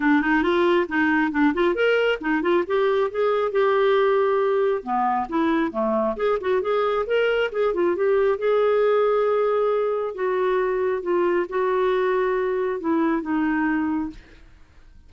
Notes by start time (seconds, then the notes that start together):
0.00 D4
0.21 D#4
0.42 F4
0.88 D#4
1.31 D4
1.54 F4
1.74 A#4
2.20 D#4
2.42 F4
2.66 G4
3.11 G#4
3.51 G4
4.83 B3
5.28 E4
5.71 A3
6.16 G#4
6.40 F#4
6.61 G#4
7.06 A#4
7.52 G#4
7.74 F4
7.96 G4
8.38 G#4
10.14 F#4
11.02 F4
11.49 F#4
12.80 E4
13.22 D#4